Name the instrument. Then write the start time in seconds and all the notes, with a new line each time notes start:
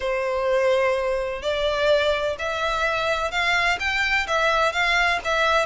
violin
0.00 C5
1.42 D5
2.38 E5
3.31 F5
3.79 G5
4.27 E5
4.72 F5
5.24 E5